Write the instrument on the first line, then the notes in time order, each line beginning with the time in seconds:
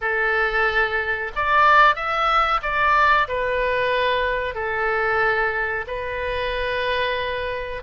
oboe
0.01 A4
1.35 D5
1.95 E5
2.62 D5
3.28 B4
4.54 A4
5.87 B4